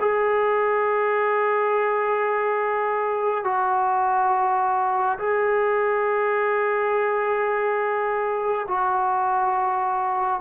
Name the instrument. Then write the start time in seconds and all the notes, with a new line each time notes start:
trombone
0.00 G#4
3.44 F#4
5.19 G#4
8.68 F#4